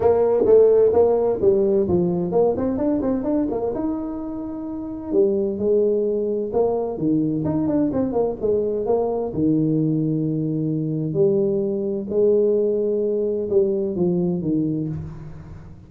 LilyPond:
\new Staff \with { instrumentName = "tuba" } { \time 4/4 \tempo 4 = 129 ais4 a4 ais4 g4 | f4 ais8 c'8 d'8 c'8 d'8 ais8 | dis'2. g4 | gis2 ais4 dis4 |
dis'8 d'8 c'8 ais8 gis4 ais4 | dis1 | g2 gis2~ | gis4 g4 f4 dis4 | }